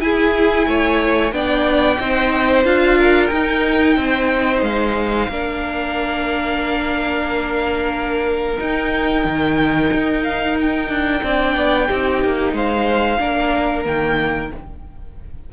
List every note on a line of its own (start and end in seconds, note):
0.00 1.32 E4
0.00 0.66 E4
0.00 0.67 G#4
0.00 1.32 G#5
0.66 1.31 A3
0.66 1.33 C#5
1.31 1.97 B3
1.31 1.98 D4
1.31 2.00 D5
1.31 2.64 G5
1.99 2.64 C4
1.99 2.64 D#4
1.99 2.97 C5
2.64 3.30 D4
2.64 3.30 F4
2.64 3.27 F5
2.97 3.96 A#4
3.27 3.96 D#4
3.27 5.30 D#4
3.27 4.59 G5
3.96 4.62 C4
3.96 5.30 C5
4.62 5.28 G#3
4.62 8.58 F5
5.28 8.58 A#3
5.28 8.57 D4
5.28 11.25 A#4
8.57 11.21 D#4
8.57 9.24 D#4
8.57 10.23 G5
9.24 9.90 D#3
9.93 10.88 D#4
10.23 10.56 F5
10.60 12.56 G5
10.88 11.21 D4
11.22 11.56 C4
11.22 11.88 D4
11.22 11.87 D5
11.56 11.89 B3
11.87 12.23 C4
11.87 13.18 D#4
11.87 12.53 G4
12.23 12.52 A#3
12.52 13.18 G#3
12.52 13.19 C5
12.52 13.86 F5
13.18 13.85 A#3
13.18 13.84 D4
13.18 14.52 A#4
13.84 14.51 D#3
13.84 14.50 A#3
13.84 14.52 G5